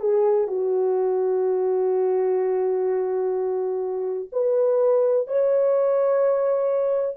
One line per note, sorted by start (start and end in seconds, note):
0.00 0.47 G#4
0.47 4.28 F#4
4.32 5.27 B4
5.27 7.16 C#5